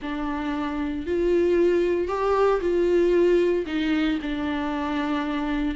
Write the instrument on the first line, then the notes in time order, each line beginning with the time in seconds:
viola
0.01 D4
1.06 F4
2.08 G4
2.60 F4
3.66 D#4
4.22 D4